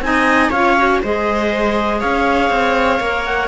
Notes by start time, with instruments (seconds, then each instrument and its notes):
0.00 cello C4, clarinet D#4 G#5
0.06 viola D#5
0.50 cello C#4, clarinet F4 F5, viola C#5
0.77 clarinet F#4
1.02 cello G#3, clarinet G#4 D#5, viola C5
2.00 cello C#4, viola C#5, clarinet F5
2.50 cello C4
3.00 cello A#3, clarinet A#4
3.25 clarinet F#5